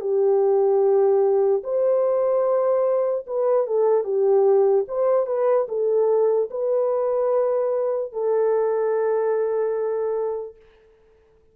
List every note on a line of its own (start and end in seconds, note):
0.00 1.62 G4
1.63 3.25 C5
3.27 3.66 B4
3.66 4.04 A4
4.04 4.85 G4
4.88 5.26 C5
5.26 5.66 B4
5.68 6.49 A4
6.50 8.12 B4
8.12 10.56 A4